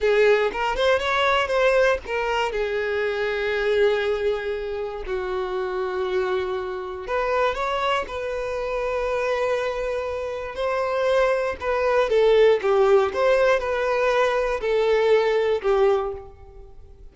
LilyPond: \new Staff \with { instrumentName = "violin" } { \time 4/4 \tempo 4 = 119 gis'4 ais'8 c''8 cis''4 c''4 | ais'4 gis'2.~ | gis'2 fis'2~ | fis'2 b'4 cis''4 |
b'1~ | b'4 c''2 b'4 | a'4 g'4 c''4 b'4~ | b'4 a'2 g'4 | }